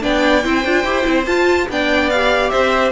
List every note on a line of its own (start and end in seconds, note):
0.00 0.44 B3
0.00 0.41 D4
0.00 0.44 D5
0.00 1.25 G5
0.43 0.64 C4
0.43 0.64 E4
0.43 1.68 C5
0.64 0.84 D4
0.64 0.85 F4
0.84 1.05 E4
0.84 1.04 G4
1.04 1.27 C4
1.04 1.24 E4
1.25 1.68 F4
1.25 1.67 A5
1.69 2.52 B3
1.69 2.12 D4
1.69 2.51 D5
1.69 2.10 G5
2.10 2.92 G4
2.10 2.50 F5
2.50 2.92 C4
2.50 2.92 C5
2.50 2.91 E5